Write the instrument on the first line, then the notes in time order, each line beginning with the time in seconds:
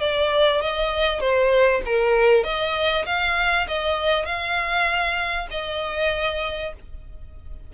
violin
0.00 D5
0.61 D#5
1.20 C5
1.85 A#4
2.44 D#5
3.06 F5
3.68 D#5
4.25 F5
5.50 D#5